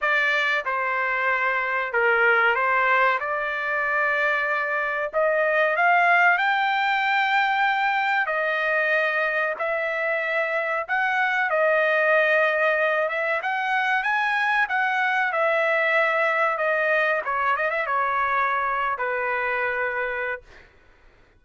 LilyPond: \new Staff \with { instrumentName = "trumpet" } { \time 4/4 \tempo 4 = 94 d''4 c''2 ais'4 | c''4 d''2. | dis''4 f''4 g''2~ | g''4 dis''2 e''4~ |
e''4 fis''4 dis''2~ | dis''8 e''8 fis''4 gis''4 fis''4 | e''2 dis''4 cis''8 dis''16 e''16 | cis''4.~ cis''16 b'2~ b'16 | }